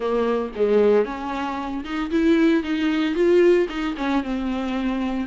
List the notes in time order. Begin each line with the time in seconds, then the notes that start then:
0.00 A#3
0.55 G#3
1.05 C#4
1.84 D#4
2.11 E4
2.63 D#4
3.14 F4
3.69 D#4
3.97 C#4
4.23 C4